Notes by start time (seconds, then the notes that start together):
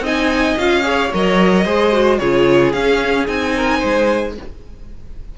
0.00 C4 D#4 D#5 G#5
0.58 C#4 F4 F5
0.82 G#4 C#5
1.13 F#3 A#4 D#5
1.65 G#3 G#4 C5
1.92 F#4
2.18 C#3 F4 G#4 C#5
2.73 C#4 F5
3.27 C4 D#4 G#5
3.56 A#4
3.79 G#3 C5